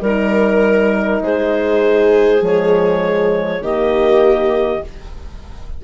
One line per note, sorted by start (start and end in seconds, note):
0.00 1.20 G3
0.00 2.40 D#4
0.00 1.21 A#4
0.00 1.23 A#4
1.21 2.40 G#3
1.21 3.62 G#4
1.21 2.43 C5
2.40 3.60 F3
2.40 3.62 G#3
2.40 3.64 C#5
3.60 4.80 D#3
3.60 4.82 A#3
3.60 4.82 G4
3.60 4.83 D#5